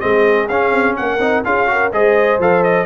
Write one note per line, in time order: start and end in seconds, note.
0.00 0.49 G#3
0.00 0.48 C4
0.00 0.97 G#4
0.00 0.48 D#5
0.49 0.71 C#4
0.49 1.20 C#4
0.49 0.96 F5
0.71 0.95 C4
0.97 1.19 A#3
0.97 1.46 A#4
0.97 1.44 F#5
1.19 1.43 C4
1.19 1.44 D#4
1.44 1.92 C#4
1.44 1.67 F4
1.44 1.70 G#4
1.44 1.92 F5
1.67 1.91 F#4
1.67 1.94 A#4
1.92 2.39 G#3
1.92 2.41 G#4
1.92 2.86 C5
1.92 2.40 D#5
2.39 2.86 F3
2.39 2.86 A4
2.39 2.63 F5
2.63 2.86 D#5